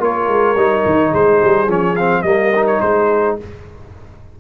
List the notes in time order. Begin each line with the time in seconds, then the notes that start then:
0.00 A#3 F4 A#4 C#5
0.28 G#3
0.56 G3 D#4
0.86 D#3
1.11 G#3 G#4 C5
1.44 G3
1.68 F3 C#4 C#5
1.96 C4 F5
2.23 G3 A#3 A#4 D#5
2.56 D#4
2.67 C#5
2.81 G#3 G#4 C5